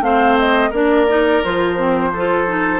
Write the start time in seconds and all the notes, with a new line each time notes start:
0.00 A3 C4 C5 F5
0.38 D#5
0.70 A#3 D4 A#4 D5
1.08 D#4
1.44 F3 F4 C5
1.77 C4
2.13 F4 A4
2.47 D#4